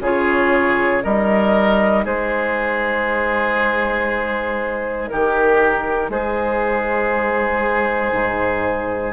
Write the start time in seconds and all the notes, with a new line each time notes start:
0.00 C#3 F4 G#4 C#5
1.02 G3 D#4 A#4 D#5
2.04 G#3 G#4 C5
5.08 D#3 G4 A#4
6.09 G#3 G#4 C5
8.12 G#2